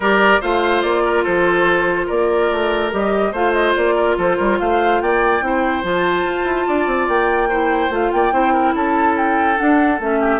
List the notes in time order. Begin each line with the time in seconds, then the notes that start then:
0.00 G3 G4 A#4 D5
0.40 A3 F4 C5 F5
0.82 A#3 D5
1.04 A#4
1.23 F3 A4 C5
2.06 A#3 A#4 D5
2.51 A3
2.91 G3 G4 D#5
3.32 A3 F4 C5 F5
3.52 D#5
3.75 A#3 D5
3.95 A#4
4.17 F3 A4 C5
4.36 G3 A#4
4.59 A3 C5 F5
5.01 A#3 D5 G5
5.41 C4 E4 C5
5.83 F3 F4 A5
6.25 F4
6.44 E4
6.67 D4 D5
6.86 C4
7.08 A#3 G5
7.48 E4 C5
7.89 A3 F4 F5
8.11 A#3 D5 G5
8.32 C4 E4 C5
8.53 A#4
8.74 C#4 A4 A5
9.17 G5
9.56 D4 F#5
9.99 A3 C#4 E5
10.20 G4